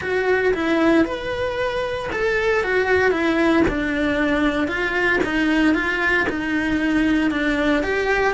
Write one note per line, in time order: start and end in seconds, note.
0.01 0.53 F#4
0.54 1.04 E4
1.04 2.09 B4
2.12 2.63 A4
2.63 3.11 F#4
3.11 3.63 E4
3.68 4.67 D4
4.67 5.19 F4
5.23 5.74 D#4
5.74 6.26 F4
6.29 7.30 D#4
7.30 7.83 D4
7.83 8.33 G4